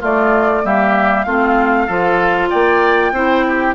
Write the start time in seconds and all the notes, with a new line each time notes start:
0.00 A3 F4 D5
0.64 G3 A#3 G4 E5
1.23 A3 C4 F4 F5
1.87 F3 F4 A4
2.50 A#3 D5 G5
3.12 C4 E4 C5
3.48 G4